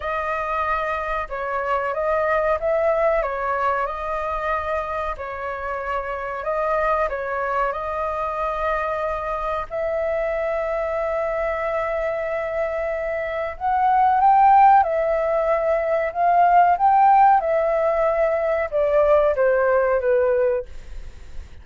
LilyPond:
\new Staff \with { instrumentName = "flute" } { \time 4/4 \tempo 4 = 93 dis''2 cis''4 dis''4 | e''4 cis''4 dis''2 | cis''2 dis''4 cis''4 | dis''2. e''4~ |
e''1~ | e''4 fis''4 g''4 e''4~ | e''4 f''4 g''4 e''4~ | e''4 d''4 c''4 b'4 | }